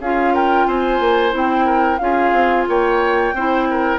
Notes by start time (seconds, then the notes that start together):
0.00 C#4 F4 G#4 F5
0.34 A#4 G5
0.67 C4 C5 G#5
1.00 A#3
1.32 C4 E4 G5
1.66 A#4
1.98 C#4 F4 G#4 F5
2.33 C4
2.68 A#3 C#5 G5
3.34 C4 E4 C5
3.71 A#4